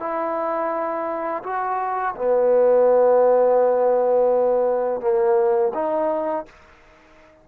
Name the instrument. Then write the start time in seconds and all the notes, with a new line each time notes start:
trombone
0.00 E4
1.44 F#4
2.15 B3
5.01 A#3
5.74 D#4